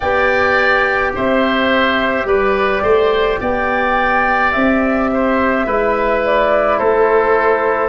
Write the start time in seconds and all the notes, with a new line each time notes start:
0.00 B3 G4 D5 G5
1.15 C4 C5 E5
2.24 G3 B4 D5
2.82 A3 C5
3.40 B3 D5 G5
4.51 C4 E5
5.13 C5
5.66 G#3 E4 B4
6.25 D5
6.78 A3 A4 C5